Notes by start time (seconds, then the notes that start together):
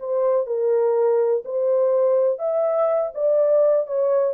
0.00 C5
0.47 A#4
1.45 C5
2.39 E5
3.15 D5
3.87 C#5